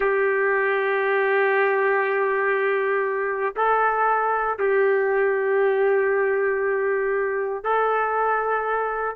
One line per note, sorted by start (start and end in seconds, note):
0.00 3.54 G4
3.56 4.58 A4
4.58 7.63 G4
7.64 9.16 A4